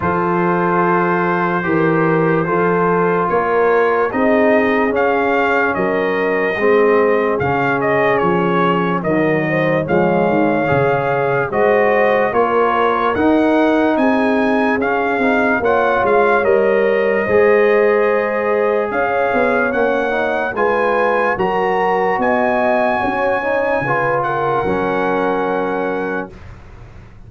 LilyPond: <<
  \new Staff \with { instrumentName = "trumpet" } { \time 4/4 \tempo 4 = 73 c''1 | cis''4 dis''4 f''4 dis''4~ | dis''4 f''8 dis''8 cis''4 dis''4 | f''2 dis''4 cis''4 |
fis''4 gis''4 f''4 fis''8 f''8 | dis''2. f''4 | fis''4 gis''4 ais''4 gis''4~ | gis''4. fis''2~ fis''8 | }
  \new Staff \with { instrumentName = "horn" } { \time 4/4 a'2 ais'4 a'4 | ais'4 gis'2 ais'4 | gis'2. ais'8 c''8 | cis''2 c''4 ais'4~ |
ais'4 gis'2 cis''4~ | cis''4 c''2 cis''4~ | cis''4 b'4 ais'4 dis''4 | cis''4 b'8 ais'2~ ais'8 | }
  \new Staff \with { instrumentName = "trombone" } { \time 4/4 f'2 g'4 f'4~ | f'4 dis'4 cis'2 | c'4 cis'2 fis4 | gis4 gis'4 fis'4 f'4 |
dis'2 cis'8 dis'8 f'4 | ais'4 gis'2. | cis'8 dis'8 f'4 fis'2~ | fis'8 dis'8 f'4 cis'2 | }
  \new Staff \with { instrumentName = "tuba" } { \time 4/4 f2 e4 f4 | ais4 c'4 cis'4 fis4 | gis4 cis4 f4 dis4 | f8 dis8 cis4 gis4 ais4 |
dis'4 c'4 cis'8 c'8 ais8 gis8 | g4 gis2 cis'8 b8 | ais4 gis4 fis4 b4 | cis'4 cis4 fis2 | }
>>